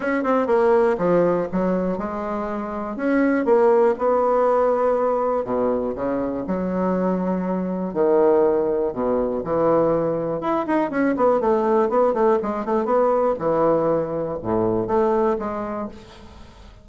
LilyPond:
\new Staff \with { instrumentName = "bassoon" } { \time 4/4 \tempo 4 = 121 cis'8 c'8 ais4 f4 fis4 | gis2 cis'4 ais4 | b2. b,4 | cis4 fis2. |
dis2 b,4 e4~ | e4 e'8 dis'8 cis'8 b8 a4 | b8 a8 gis8 a8 b4 e4~ | e4 a,4 a4 gis4 | }